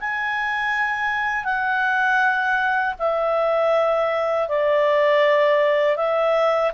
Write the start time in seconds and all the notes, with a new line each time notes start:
0.00 G#5
1.45 F#5
2.99 E5
4.49 D5
5.97 E5